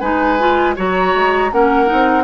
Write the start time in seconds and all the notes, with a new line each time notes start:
0.00 G#3 D#4 B4 G#5
0.39 F4
0.76 F#3 F#4 C#5 A#5
1.14 G#3
1.51 A#3 C#4 A#4 F#5
1.86 D#4
1.92 C4